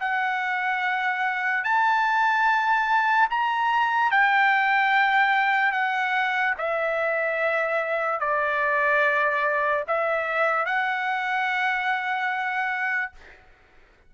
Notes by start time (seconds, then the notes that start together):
0.00 F#5
1.64 A5
3.30 A#5
4.11 G5
5.72 F#5
6.58 E5
8.20 D5
9.87 E5
10.66 F#5